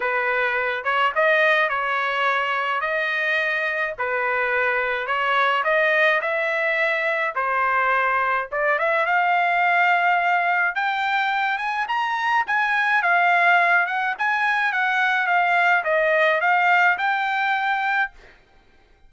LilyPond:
\new Staff \with { instrumentName = "trumpet" } { \time 4/4 \tempo 4 = 106 b'4. cis''8 dis''4 cis''4~ | cis''4 dis''2 b'4~ | b'4 cis''4 dis''4 e''4~ | e''4 c''2 d''8 e''8 |
f''2. g''4~ | g''8 gis''8 ais''4 gis''4 f''4~ | f''8 fis''8 gis''4 fis''4 f''4 | dis''4 f''4 g''2 | }